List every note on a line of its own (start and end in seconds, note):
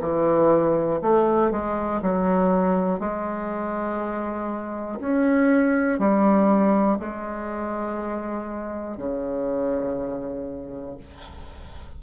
0.00 1.00 E3
1.01 1.51 A3
1.51 2.01 G#3
2.01 2.99 F#3
2.99 4.99 G#3
5.00 5.99 C#4
5.99 6.99 G3
6.99 8.97 G#3
8.97 10.97 C#3